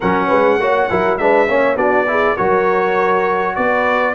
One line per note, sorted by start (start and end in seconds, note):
0.00 0.31 F#3
0.00 0.60 C#4
0.00 0.27 A#4
0.00 1.17 F#5
0.27 0.59 G#3
0.27 0.57 B4
0.59 0.89 A#3
0.59 0.90 F#4
0.59 0.90 C#5
0.90 1.18 F#3
0.90 1.19 E4
0.90 1.19 A#4
1.17 1.48 G#3
1.17 1.47 D4
1.17 1.48 B4
1.17 1.76 E5
1.47 1.76 A#3
1.47 1.76 C#4
1.47 1.76 C#5
1.76 2.35 B3
1.76 2.06 D4
1.76 2.06 F#4
1.76 2.36 D5
2.07 2.37 E4
2.07 2.35 G#4
2.35 3.57 F#3
2.35 4.14 F#4
2.35 3.54 A#4
2.35 3.55 C#5
3.55 4.14 B3
3.55 4.14 B4
3.55 4.14 D5